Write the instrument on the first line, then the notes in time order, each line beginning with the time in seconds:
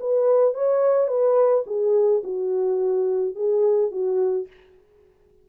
horn
0.00 B4
0.54 C#5
1.08 B4
1.66 G#4
2.24 F#4
3.35 G#4
3.91 F#4